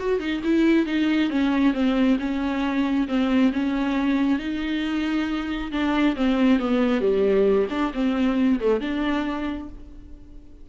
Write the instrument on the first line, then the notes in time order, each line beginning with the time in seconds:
viola
0.00 F#4
0.20 D#4
0.44 E4
0.86 D#4
1.30 C#4
1.74 C4
2.20 C#4
3.08 C4
3.53 C#4
4.39 D#4
5.72 D4
6.16 C4
6.60 B3
7.01 G3
7.71 D4
7.94 C4
8.60 A3
8.81 D4